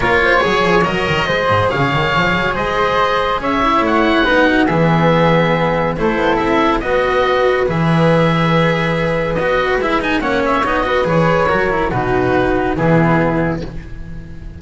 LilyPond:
<<
  \new Staff \with { instrumentName = "oboe" } { \time 4/4 \tempo 4 = 141 cis''2 dis''2 | f''2 dis''2 | e''4 fis''2 e''4~ | e''2 c''4 e''4 |
dis''2 e''2~ | e''2 dis''4 e''8 gis''8 | fis''8 e''8 dis''4 cis''2 | b'2 gis'2 | }
  \new Staff \with { instrumentName = "flute" } { \time 4/4 ais'8 c''8 cis''2 c''4 | cis''2 c''2 | cis''2 b'8 fis'8 gis'4~ | gis'2 a'2 |
b'1~ | b'1 | cis''4. b'4. ais'4 | fis'2 e'2 | }
  \new Staff \with { instrumentName = "cello" } { \time 4/4 f'4 gis'4 ais'4 gis'4~ | gis'1~ | gis'8 e'4. dis'4 b4~ | b2 e'2 |
fis'2 gis'2~ | gis'2 fis'4 e'8 dis'8 | cis'4 dis'8 fis'8 gis'4 fis'8 e'8 | dis'2 b2 | }
  \new Staff \with { instrumentName = "double bass" } { \time 4/4 ais4 fis8 f8 fis8 dis8 gis8 gis,8 | cis8 dis8 f8 fis8 gis2 | cis'4 a4 b4 e4~ | e2 a8 b8 c'4 |
b2 e2~ | e2 b4 gis4 | ais4 b4 e4 fis4 | b,2 e2 | }
>>